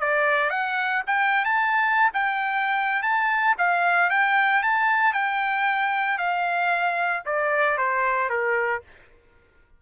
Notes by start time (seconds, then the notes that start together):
0.00 D5
0.50 F#5
1.07 G5
1.45 A5
2.14 G5
3.03 A5
3.58 F5
4.10 G5
4.63 A5
5.13 G5
6.18 F5
7.26 D5
7.78 C5
8.30 A#4